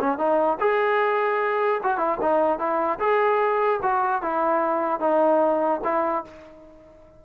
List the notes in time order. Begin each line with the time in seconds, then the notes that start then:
0.00 C#4
0.18 D#4
0.60 G#4
1.83 F#4
1.98 E4
2.21 D#4
2.59 E4
2.99 G#4
3.83 F#4
4.22 E4
5.00 D#4
5.84 E4